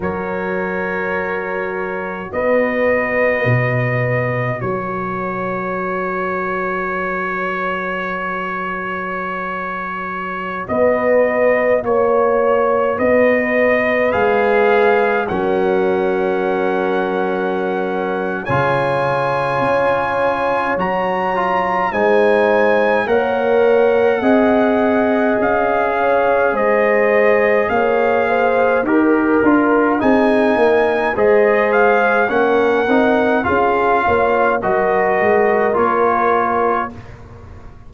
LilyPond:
<<
  \new Staff \with { instrumentName = "trumpet" } { \time 4/4 \tempo 4 = 52 cis''2 dis''2 | cis''1~ | cis''4~ cis''16 dis''4 cis''4 dis''8.~ | dis''16 f''4 fis''2~ fis''8. |
gis''2 ais''4 gis''4 | fis''2 f''4 dis''4 | f''4 ais'4 gis''4 dis''8 f''8 | fis''4 f''4 dis''4 cis''4 | }
  \new Staff \with { instrumentName = "horn" } { \time 4/4 ais'2 b'2 | ais'1~ | ais'4~ ais'16 b'4 cis''4 b'8.~ | b'4~ b'16 ais'2~ ais'8. |
cis''2. c''4 | cis''4 dis''4. cis''8 c''4 | cis''8 c''8 ais'4 gis'8 ais'8 c''4 | ais'4 gis'8 cis''8 ais'2 | }
  \new Staff \with { instrumentName = "trombone" } { \time 4/4 fis'1~ | fis'1~ | fis'1~ | fis'16 gis'4 cis'2~ cis'8. |
f'2 fis'8 f'8 dis'4 | ais'4 gis'2.~ | gis'4 g'8 f'8 dis'4 gis'4 | cis'8 dis'8 f'4 fis'4 f'4 | }
  \new Staff \with { instrumentName = "tuba" } { \time 4/4 fis2 b4 b,4 | fis1~ | fis4~ fis16 b4 ais4 b8.~ | b16 gis4 fis2~ fis8. |
cis4 cis'4 fis4 gis4 | ais4 c'4 cis'4 gis4 | ais4 dis'8 d'8 c'8 ais8 gis4 | ais8 c'8 cis'8 ais8 fis8 gis8 ais4 | }
>>